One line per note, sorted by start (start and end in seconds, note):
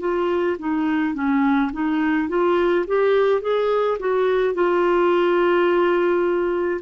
0.00 0.57 F4
0.60 1.15 D#4
1.15 1.71 C#4
1.73 2.29 D#4
2.29 2.86 F4
2.87 3.42 G4
3.42 3.98 G#4
4.00 4.54 F#4
4.54 6.81 F4